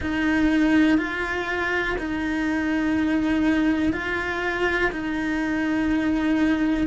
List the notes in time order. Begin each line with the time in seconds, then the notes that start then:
0.00 D#4
0.97 F4
1.98 D#4
3.93 F4
4.91 D#4